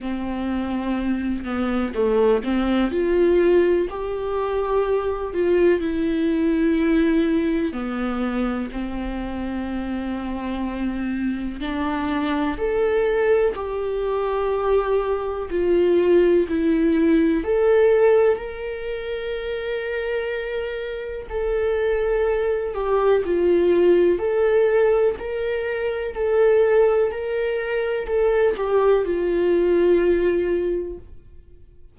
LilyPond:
\new Staff \with { instrumentName = "viola" } { \time 4/4 \tempo 4 = 62 c'4. b8 a8 c'8 f'4 | g'4. f'8 e'2 | b4 c'2. | d'4 a'4 g'2 |
f'4 e'4 a'4 ais'4~ | ais'2 a'4. g'8 | f'4 a'4 ais'4 a'4 | ais'4 a'8 g'8 f'2 | }